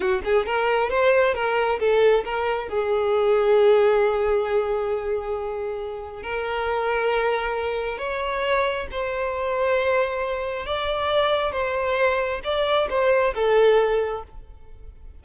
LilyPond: \new Staff \with { instrumentName = "violin" } { \time 4/4 \tempo 4 = 135 fis'8 gis'8 ais'4 c''4 ais'4 | a'4 ais'4 gis'2~ | gis'1~ | gis'2 ais'2~ |
ais'2 cis''2 | c''1 | d''2 c''2 | d''4 c''4 a'2 | }